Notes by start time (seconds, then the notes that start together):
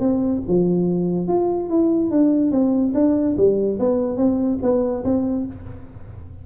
0.00 C4
0.48 F3
1.28 F4
1.70 E4
2.11 D4
2.52 C4
2.94 D4
3.37 G3
3.80 B3
4.17 C4
4.62 B3
5.04 C4